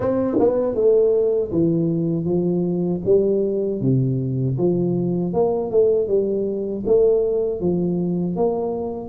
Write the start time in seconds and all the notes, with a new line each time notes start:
0.00 C4
0.39 B3
0.74 A3
1.51 E3
2.24 F3
3.05 G3
3.80 C3
4.58 F3
5.33 A#3
5.71 A3
6.07 G3
6.86 A3
7.60 F3
8.36 A#3